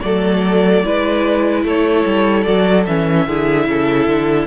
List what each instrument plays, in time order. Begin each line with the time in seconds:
0.00 cello F#3, viola A3, violin A4 D5
0.84 cello G#3, viola E4, violin B4
1.64 cello A3, violin A4 C#5
2.06 cello G3
2.43 cello F#3, viola F#4, violin D5
2.86 cello E3, viola C#4, violin E5
3.26 cello D3, viola E4, violin G#4
3.67 cello C#3, violin A4
4.07 cello D3